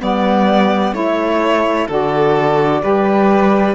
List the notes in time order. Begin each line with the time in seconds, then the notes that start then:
0.00 G3 B3 D5 F#5
0.93 A3 E4 C#5 E5
1.87 D3 F#4 A4 D5
2.81 G3 G4 B4